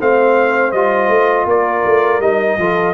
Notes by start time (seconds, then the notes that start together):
0.00 A3 C4 C5 F5
0.72 G3 F4 D#5
1.08 A3
1.46 A#3 A#4 D5
1.85 A3
2.19 G3 D#4 D#5
2.58 F3 F4 A4